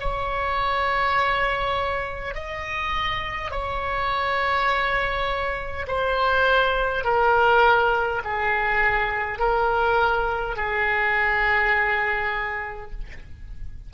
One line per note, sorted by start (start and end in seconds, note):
0.00 2.34 C#5
2.34 3.51 D#5
3.51 5.86 C#5
5.87 7.04 C5
7.04 8.22 A#4
8.24 9.39 G#4
9.39 10.56 A#4
10.56 12.91 G#4